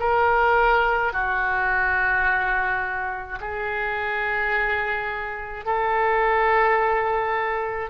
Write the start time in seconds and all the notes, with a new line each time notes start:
0.00 A#4
1.13 F#4
3.41 G#4
5.66 A4